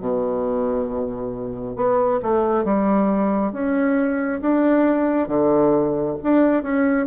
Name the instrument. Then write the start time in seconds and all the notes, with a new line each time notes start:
bassoon
0.00 B2
1.76 B3
2.22 A3
2.64 G3
3.52 C#4
4.41 D4
5.28 D3
6.23 D4
6.63 C#4